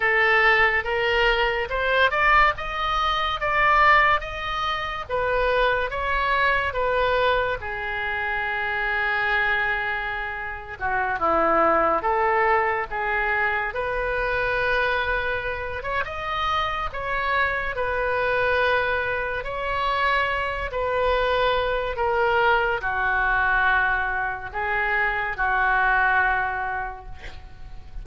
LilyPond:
\new Staff \with { instrumentName = "oboe" } { \time 4/4 \tempo 4 = 71 a'4 ais'4 c''8 d''8 dis''4 | d''4 dis''4 b'4 cis''4 | b'4 gis'2.~ | gis'8. fis'8 e'4 a'4 gis'8.~ |
gis'16 b'2~ b'8 cis''16 dis''4 | cis''4 b'2 cis''4~ | cis''8 b'4. ais'4 fis'4~ | fis'4 gis'4 fis'2 | }